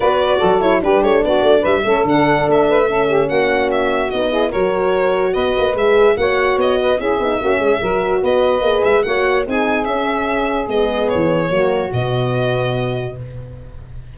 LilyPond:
<<
  \new Staff \with { instrumentName = "violin" } { \time 4/4 \tempo 4 = 146 d''4. cis''8 b'8 cis''8 d''4 | e''4 fis''4 e''2 | fis''4 e''4 dis''4 cis''4~ | cis''4 dis''4 e''4 fis''4 |
dis''4 e''2. | dis''4. e''8 fis''4 gis''4 | e''2 dis''4 cis''4~ | cis''4 dis''2. | }
  \new Staff \with { instrumentName = "saxophone" } { \time 4/4 b'4 a'4 g'4 fis'4 | b'8 a'2 b'8 a'8 g'8 | fis'2~ fis'8 gis'8 ais'4~ | ais'4 b'2 cis''4~ |
cis''8 b'8 gis'4 fis'8 gis'8 ais'4 | b'2 cis''4 gis'4~ | gis'1 | fis'1 | }
  \new Staff \with { instrumentName = "horn" } { \time 4/4 fis'4. e'8 d'2~ | d'8 cis'8 d'2 cis'4~ | cis'2 dis'8 e'8 fis'4~ | fis'2 gis'4 fis'4~ |
fis'4 e'8 dis'8 cis'4 fis'4~ | fis'4 gis'4 fis'4 dis'4 | cis'2 b2 | ais4 b2. | }
  \new Staff \with { instrumentName = "tuba" } { \time 4/4 b4 fis4 g8 a8 b8 a8 | g8 a8 d4 a2 | ais2 b4 fis4~ | fis4 b8 ais8 gis4 ais4 |
b4 cis'8 b8 ais8 gis8 fis4 | b4 ais8 gis8 ais4 c'4 | cis'2 gis4 e4 | fis4 b,2. | }
>>